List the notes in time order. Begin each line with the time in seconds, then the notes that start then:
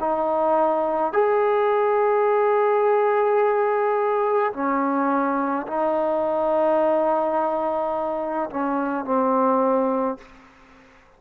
0.00 D#4
1.13 G#4
4.53 C#4
5.67 D#4
8.50 C#4
9.05 C4